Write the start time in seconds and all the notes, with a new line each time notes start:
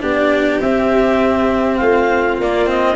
0.00 B3 D4 G4 D5
0.61 C4 E5
1.77 A3 F4 F5
2.38 A#3 D5
2.66 C4 D#5